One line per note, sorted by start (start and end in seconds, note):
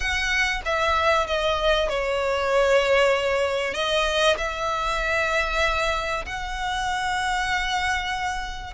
0.00 0.61 F#5
0.65 1.27 E5
1.27 1.89 D#5
1.89 3.73 C#5
3.73 4.36 D#5
4.38 6.25 E5
6.25 8.73 F#5